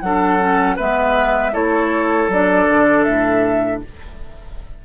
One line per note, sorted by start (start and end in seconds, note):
0.00 0.77 F#3
0.00 0.39 D4
0.00 0.75 A4
0.00 0.76 F#5
0.39 0.77 C#4
0.75 1.54 G#3
0.75 1.52 B3
0.75 1.51 B4
0.75 1.54 E5
1.52 2.28 A3
1.52 2.28 E4
1.52 3.81 A4
1.52 2.30 C#5
2.28 2.66 F#3
2.28 3.85 D4
2.28 3.04 D5
2.69 3.06 D3
3.04 3.82 A2
3.04 3.80 E5